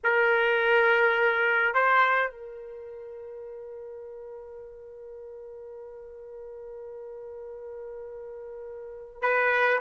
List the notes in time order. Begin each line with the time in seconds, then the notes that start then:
0.03 A#4
1.73 C5
2.31 A#4
9.22 B4